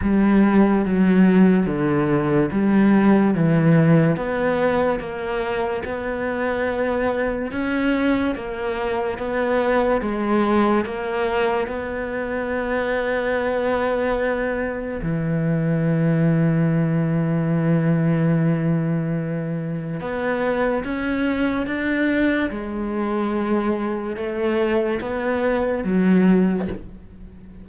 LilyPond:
\new Staff \with { instrumentName = "cello" } { \time 4/4 \tempo 4 = 72 g4 fis4 d4 g4 | e4 b4 ais4 b4~ | b4 cis'4 ais4 b4 | gis4 ais4 b2~ |
b2 e2~ | e1 | b4 cis'4 d'4 gis4~ | gis4 a4 b4 fis4 | }